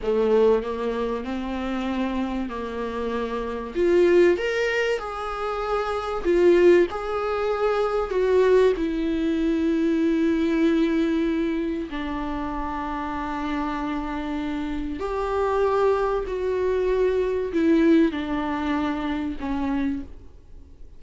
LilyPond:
\new Staff \with { instrumentName = "viola" } { \time 4/4 \tempo 4 = 96 a4 ais4 c'2 | ais2 f'4 ais'4 | gis'2 f'4 gis'4~ | gis'4 fis'4 e'2~ |
e'2. d'4~ | d'1 | g'2 fis'2 | e'4 d'2 cis'4 | }